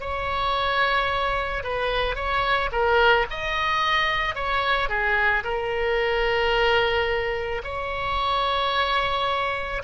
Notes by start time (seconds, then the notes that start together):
0.00 C#5
1.63 B4
2.15 C#5
2.71 A#4
3.30 D#5
4.35 C#5
4.88 G#4
5.43 A#4
7.64 C#5